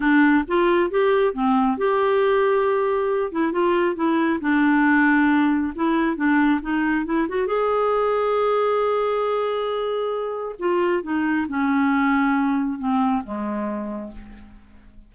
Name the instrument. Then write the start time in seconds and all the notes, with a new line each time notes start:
clarinet
0.00 D4
0.47 F4
0.90 G4
1.33 C4
1.77 G4
3.31 E4
3.52 F4
3.95 E4
4.41 D4
5.75 E4
6.16 D4
6.61 D#4
7.05 E4
7.28 F#4
7.47 G#4
10.59 F4
11.02 D#4
11.48 C#4
12.78 C4
13.24 G#3